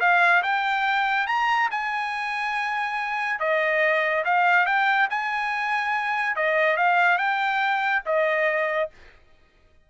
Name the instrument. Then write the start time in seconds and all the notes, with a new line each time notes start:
trumpet
0.00 F5
0.43 G5
1.27 A#5
1.71 G#5
3.40 D#5
4.25 F5
4.66 G5
5.10 G#5
6.36 D#5
6.77 F5
7.18 G5
8.06 D#5